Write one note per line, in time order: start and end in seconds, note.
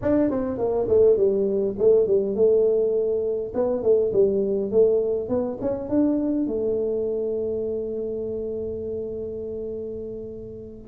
0.02 0.30 D4
0.30 0.57 C4
0.57 0.87 A#3
0.88 1.17 A3
1.17 1.75 G3
1.78 2.06 A3
2.06 2.35 G3
2.35 3.52 A3
3.54 3.82 B3
3.82 4.12 A3
4.13 4.71 G3
4.71 5.28 A3
5.28 5.58 B3
5.61 5.89 C#4
5.89 6.47 D4
6.47 10.88 A3